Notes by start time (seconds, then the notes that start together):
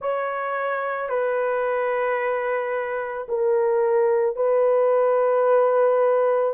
0.01 C#5
1.09 B4
3.28 A#4
4.36 B4